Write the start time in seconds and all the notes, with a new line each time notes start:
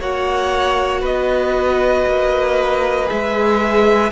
0.00 A#3 F#4 C#5 F#5
1.01 B3 B4 D#5
2.06 A#3
3.06 G#4 E5
3.12 G#3